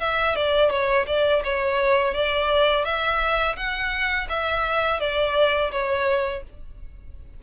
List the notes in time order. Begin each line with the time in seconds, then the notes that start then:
0.00 E5
0.35 D5
0.70 C#5
1.07 D5
1.44 C#5
2.14 D5
2.85 E5
3.56 F#5
4.29 E5
5.00 D5
5.72 C#5